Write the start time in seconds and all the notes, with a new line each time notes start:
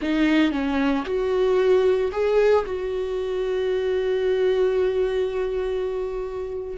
0.01 D#4
0.51 C#4
1.05 F#4
2.11 G#4
2.65 F#4